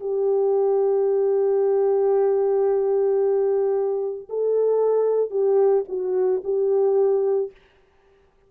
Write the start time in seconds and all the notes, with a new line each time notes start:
0.00 G4
4.29 A4
5.30 G4
5.88 F#4
6.44 G4